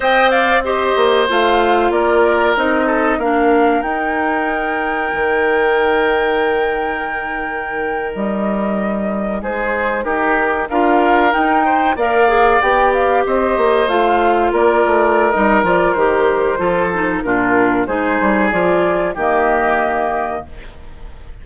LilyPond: <<
  \new Staff \with { instrumentName = "flute" } { \time 4/4 \tempo 4 = 94 g''8 f''8 dis''4 f''4 d''4 | dis''4 f''4 g''2~ | g''1~ | g''8. dis''2 c''4 ais'16~ |
ais'8. f''4 g''4 f''4 g''16~ | g''16 f''8 dis''4 f''4 d''4~ d''16 | dis''8 d''8 c''2 ais'4 | c''4 d''4 dis''2 | }
  \new Staff \with { instrumentName = "oboe" } { \time 4/4 dis''8 d''8 c''2 ais'4~ | ais'8 a'8 ais'2.~ | ais'1~ | ais'2~ ais'8. gis'4 g'16~ |
g'8. ais'4. c''8 d''4~ d''16~ | d''8. c''2 ais'4~ ais'16~ | ais'2 a'4 f'4 | gis'2 g'2 | }
  \new Staff \with { instrumentName = "clarinet" } { \time 4/4 c''4 g'4 f'2 | dis'4 d'4 dis'2~ | dis'1~ | dis'1~ |
dis'8. f'4 dis'4 ais'8 gis'8 g'16~ | g'4.~ g'16 f'2~ f'16 | dis'8 f'8 g'4 f'8 dis'8 d'4 | dis'4 f'4 ais2 | }
  \new Staff \with { instrumentName = "bassoon" } { \time 4/4 c'4. ais8 a4 ais4 | c'4 ais4 dis'2 | dis1~ | dis8. g2 gis4 dis'16~ |
dis'8. d'4 dis'4 ais4 b16~ | b8. c'8 ais8 a4 ais8 a8. | g8 f8 dis4 f4 ais,4 | gis8 g8 f4 dis2 | }
>>